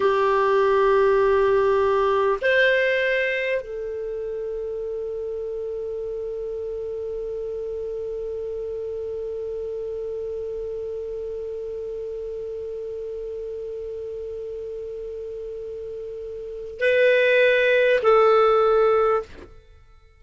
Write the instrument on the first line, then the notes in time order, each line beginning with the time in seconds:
clarinet
0.00 G4
2.41 C5
3.61 A4
16.80 B4
18.02 A4